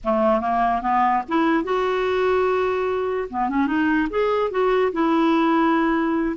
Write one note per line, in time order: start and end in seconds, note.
0.04 0.40 A3
0.40 0.81 A#3
0.81 1.22 B3
1.28 1.63 E4
1.63 3.28 F#4
3.30 3.49 B3
3.49 3.66 C#4
3.66 4.08 D#4
4.09 4.50 G#4
4.50 4.91 F#4
4.92 6.36 E4